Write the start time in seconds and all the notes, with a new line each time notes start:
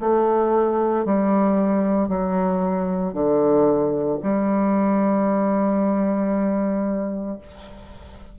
0.00 A3
1.05 G3
2.08 F#3
3.13 D3
4.23 G3